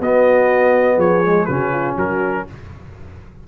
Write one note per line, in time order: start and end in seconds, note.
0.00 0.98 B3
0.00 1.25 B3
0.00 0.95 F#4
0.00 1.00 D#5
0.95 1.47 F3
0.95 1.44 G#4
0.95 1.45 C#5
1.25 1.49 G#3
1.45 1.97 C#3
1.45 2.47 C#4
1.45 1.71 F#4
1.45 1.94 B4
1.71 1.94 F4
1.94 2.46 F#3
1.94 2.43 F#4
1.94 2.48 A#4